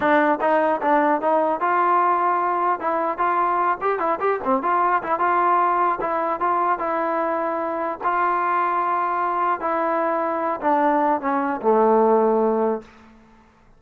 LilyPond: \new Staff \with { instrumentName = "trombone" } { \time 4/4 \tempo 4 = 150 d'4 dis'4 d'4 dis'4 | f'2. e'4 | f'4. g'8 e'8 g'8 c'8 f'8~ | f'8 e'8 f'2 e'4 |
f'4 e'2. | f'1 | e'2~ e'8 d'4. | cis'4 a2. | }